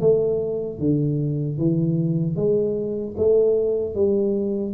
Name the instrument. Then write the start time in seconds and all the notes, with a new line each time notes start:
tuba
0.00 A3
0.79 D3
1.58 E3
2.36 G#3
3.17 A3
3.95 G3